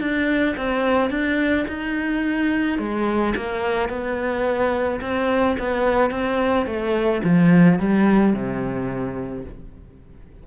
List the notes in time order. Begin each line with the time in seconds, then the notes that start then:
0.00 D4
0.56 C4
1.10 D4
1.68 D#4
2.79 G#3
3.36 A#3
3.89 B3
5.01 C4
5.59 B3
6.11 C4
6.66 A3
7.24 F3
7.79 G3
8.33 C3